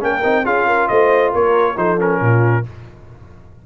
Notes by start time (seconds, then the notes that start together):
0.00 A#3 C#4 A#4 G5
0.23 C4 D#4
0.44 C#4 F4 G#4 F5
0.66 A#4
0.88 A3 C5 D#5
1.32 A#3 A#4 C#5
1.76 F3 D#4 A4 C5
1.97 C#4 A#4
2.20 A#2 F4